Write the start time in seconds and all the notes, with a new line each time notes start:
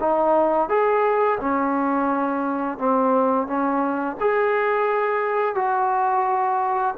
0.00 D#4
0.69 G#4
1.40 C#4
2.78 C4
3.47 C#4
4.20 G#4
5.55 F#4